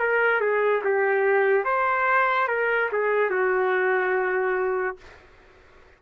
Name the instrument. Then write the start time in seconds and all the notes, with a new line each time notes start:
trumpet
0.00 A#4
0.41 G#4
0.84 G4
1.64 C5
2.48 A#4
2.92 G#4
3.30 F#4